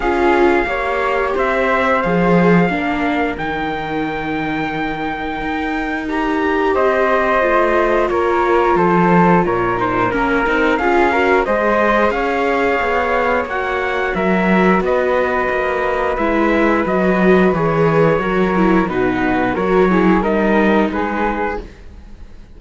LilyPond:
<<
  \new Staff \with { instrumentName = "trumpet" } { \time 4/4 \tempo 4 = 89 f''2 e''4 f''4~ | f''4 g''2.~ | g''4 ais''4 dis''2 | cis''4 c''4 cis''8 c''8 ais'4 |
f''4 dis''4 f''2 | fis''4 e''4 dis''2 | e''4 dis''4 cis''2 | b'4 cis''4 dis''4 b'4 | }
  \new Staff \with { instrumentName = "flute" } { \time 4/4 gis'4 cis''4 c''2 | ais'1~ | ais'2 c''2 | ais'4 a'4 ais'2 |
gis'8 ais'8 c''4 cis''2~ | cis''4 ais'4 b'2~ | b'2. ais'4 | fis'4 ais'8 gis'8 ais'4 gis'4 | }
  \new Staff \with { instrumentName = "viola" } { \time 4/4 f'4 g'2 gis'4 | d'4 dis'2.~ | dis'4 g'2 f'4~ | f'2~ f'8 dis'8 cis'8 dis'8 |
f'8 fis'8 gis'2. | fis'1 | e'4 fis'4 gis'4 fis'8 e'8 | dis'4 fis'8 e'8 dis'2 | }
  \new Staff \with { instrumentName = "cello" } { \time 4/4 cis'4 ais4 c'4 f4 | ais4 dis2. | dis'2 c'4 a4 | ais4 f4 ais,4 ais8 c'8 |
cis'4 gis4 cis'4 b4 | ais4 fis4 b4 ais4 | gis4 fis4 e4 fis4 | b,4 fis4 g4 gis4 | }
>>